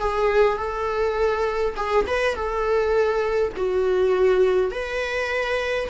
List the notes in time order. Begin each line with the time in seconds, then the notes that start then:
0.00 G#4
0.58 A4
1.76 G#4
2.07 B4
2.35 A4
3.56 F#4
4.71 B4